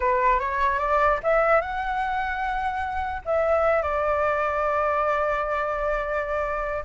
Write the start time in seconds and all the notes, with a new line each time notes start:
0.00 B4
0.39 C#5
0.79 D5
1.23 E5
1.61 F#5
3.25 E5
3.82 D5